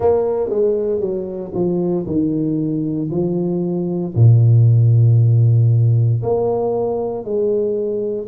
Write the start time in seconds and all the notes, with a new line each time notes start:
0.00 A#3
0.49 G#3
1.00 F#3
1.54 F3
2.06 D#3
3.10 F3
4.15 A#2
6.22 A#3
7.24 G#3